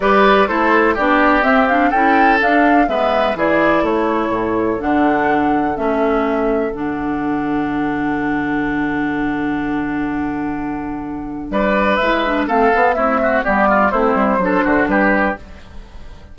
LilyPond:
<<
  \new Staff \with { instrumentName = "flute" } { \time 4/4 \tempo 4 = 125 d''4 c''4 d''4 e''8 f''8 | g''4 f''4 e''4 d''4 | cis''2 fis''2 | e''2 fis''2~ |
fis''1~ | fis''1 | d''4 e''4 f''4 e''4 | d''4 c''2 b'4 | }
  \new Staff \with { instrumentName = "oboe" } { \time 4/4 b'4 a'4 g'2 | a'2 b'4 gis'4 | a'1~ | a'1~ |
a'1~ | a'1 | b'2 a'4 e'8 fis'8 | g'8 f'8 e'4 a'8 fis'8 g'4 | }
  \new Staff \with { instrumentName = "clarinet" } { \time 4/4 g'4 e'4 d'4 c'8 d'8 | e'4 d'4 b4 e'4~ | e'2 d'2 | cis'2 d'2~ |
d'1~ | d'1~ | d'4 e'8 d'8 c'8 b8 a4 | b4 c'4 d'2 | }
  \new Staff \with { instrumentName = "bassoon" } { \time 4/4 g4 a4 b4 c'4 | cis'4 d'4 gis4 e4 | a4 a,4 d2 | a2 d2~ |
d1~ | d1 | g4 gis4 a8 b8 c'4 | g4 a8 g8 fis8 d8 g4 | }
>>